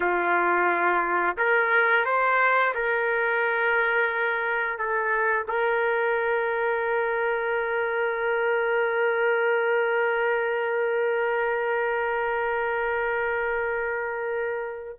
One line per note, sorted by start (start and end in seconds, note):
0.00 1.36 F4
1.37 2.05 A#4
2.05 2.73 C5
2.74 4.78 A#4
4.78 5.46 A4
5.48 14.99 A#4